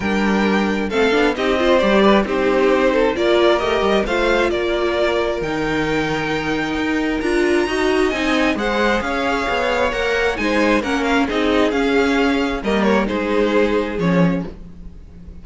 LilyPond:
<<
  \new Staff \with { instrumentName = "violin" } { \time 4/4 \tempo 4 = 133 g''2 f''4 dis''4 | d''4 c''2 d''4 | dis''4 f''4 d''2 | g''1 |
ais''2 gis''4 fis''4 | f''2 fis''4 gis''4 | fis''8 f''8 dis''4 f''2 | dis''8 cis''8 c''2 cis''4 | }
  \new Staff \with { instrumentName = "violin" } { \time 4/4 ais'2 a'4 g'8 c''8~ | c''8 b'8 g'4. a'8 ais'4~ | ais'4 c''4 ais'2~ | ais'1~ |
ais'4 dis''2 c''4 | cis''2. c''4 | ais'4 gis'2. | ais'4 gis'2. | }
  \new Staff \with { instrumentName = "viola" } { \time 4/4 d'2 c'8 d'8 dis'8 f'8 | g'4 dis'2 f'4 | g'4 f'2. | dis'1 |
f'4 fis'4 dis'4 gis'4~ | gis'2 ais'4 dis'4 | cis'4 dis'4 cis'2 | ais4 dis'2 cis'4 | }
  \new Staff \with { instrumentName = "cello" } { \time 4/4 g2 a8 b8 c'4 | g4 c'2 ais4 | a8 g8 a4 ais2 | dis2. dis'4 |
d'4 dis'4 c'4 gis4 | cis'4 b4 ais4 gis4 | ais4 c'4 cis'2 | g4 gis2 f4 | }
>>